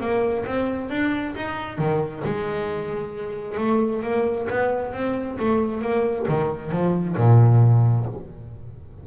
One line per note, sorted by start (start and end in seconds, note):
0.00 0.45 A#3
0.46 0.90 C4
0.90 1.34 D4
1.36 1.78 D#4
1.78 2.23 D#3
2.24 3.58 G#3
3.58 4.02 A3
4.03 4.47 A#3
4.49 4.93 B3
4.93 5.37 C4
5.39 5.81 A3
5.81 6.26 A#3
6.28 6.71 D#3
6.71 7.16 F3
7.16 8.06 A#2